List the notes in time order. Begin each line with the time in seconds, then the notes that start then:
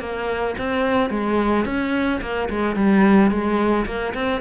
0.00 A#3
0.58 C4
1.10 G#3
1.65 C#4
2.21 A#3
2.49 G#3
2.75 G3
3.31 G#3
3.86 A#3
4.14 C4